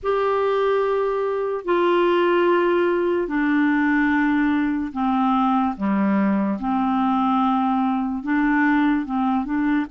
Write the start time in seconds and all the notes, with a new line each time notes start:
0.03 G4
1.64 F4
3.27 D4
4.92 C4
5.76 G3
6.59 C4
8.23 D4
9.05 C4
9.45 D4